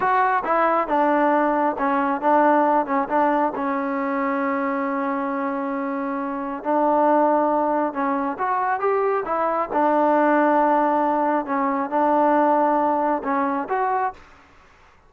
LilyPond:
\new Staff \with { instrumentName = "trombone" } { \time 4/4 \tempo 4 = 136 fis'4 e'4 d'2 | cis'4 d'4. cis'8 d'4 | cis'1~ | cis'2. d'4~ |
d'2 cis'4 fis'4 | g'4 e'4 d'2~ | d'2 cis'4 d'4~ | d'2 cis'4 fis'4 | }